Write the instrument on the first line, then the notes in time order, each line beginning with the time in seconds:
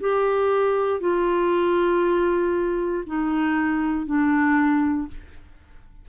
clarinet
0.00 G4
1.00 F4
3.06 D#4
4.06 D4